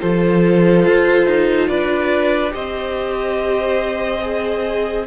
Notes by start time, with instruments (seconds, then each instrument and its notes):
0.00 cello F3, viola F4, violin A4 C5
0.86 cello F4
1.26 cello D#4
1.68 cello D4, violin B4 D5
2.50 cello C4, viola G4, violin C5 D#5
4.21 viola G#4